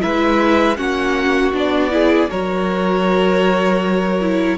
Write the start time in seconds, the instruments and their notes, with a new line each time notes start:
0.00 cello G#3, viola E4, violin B4 E5
0.77 cello A#3, viola C#4, violin F#4 F#5
1.53 cello B3, viola D4, violin D5
1.91 viola E4, violin G#4
2.30 cello F#3, viola F#4, violin A#4 C#5
4.21 viola E4